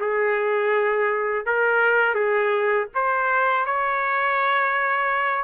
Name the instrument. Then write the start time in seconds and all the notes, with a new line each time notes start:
trumpet
0.00 G#4
1.46 A#4
2.15 G#4
2.95 C5
3.66 C#5